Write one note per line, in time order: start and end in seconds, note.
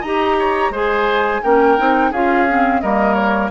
0.00 0.70 D#4
0.00 0.73 G4
0.00 0.35 D#5
0.00 0.72 A#5
0.39 0.71 C#5
0.70 1.40 G#3
0.70 1.43 G#4
0.70 1.41 C5
0.70 1.43 G#5
1.43 1.78 A#3
1.43 1.77 C#4
1.43 2.11 A#4
1.43 2.12 G5
1.77 2.11 C4
1.77 2.12 D#4
2.11 2.81 C#4
2.11 2.48 F4
2.11 2.81 G#4
2.11 2.80 F5
2.48 2.82 C4
2.80 3.50 G3
2.80 3.50 A#3
2.80 3.50 A#4
2.80 3.14 D#5
3.14 3.49 C#5